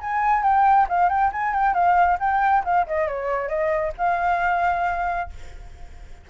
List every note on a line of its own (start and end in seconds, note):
0.00 0.43 G#5
0.43 0.87 G5
0.89 1.09 F5
1.09 1.31 G5
1.32 1.53 G#5
1.53 1.74 G5
1.74 2.18 F5
2.19 2.64 G5
2.64 2.86 F5
2.87 3.08 D#5
3.08 3.48 C#5
3.48 3.92 D#5
3.97 5.30 F5